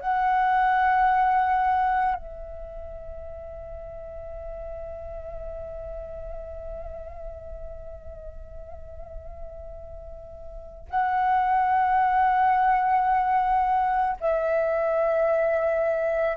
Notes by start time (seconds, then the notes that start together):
0.00 F#5
2.14 E5
10.89 F#5
14.20 E5